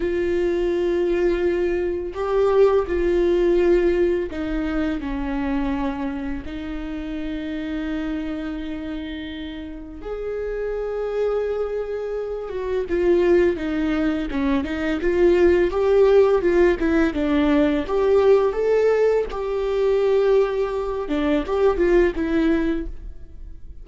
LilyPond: \new Staff \with { instrumentName = "viola" } { \time 4/4 \tempo 4 = 84 f'2. g'4 | f'2 dis'4 cis'4~ | cis'4 dis'2.~ | dis'2 gis'2~ |
gis'4. fis'8 f'4 dis'4 | cis'8 dis'8 f'4 g'4 f'8 e'8 | d'4 g'4 a'4 g'4~ | g'4. d'8 g'8 f'8 e'4 | }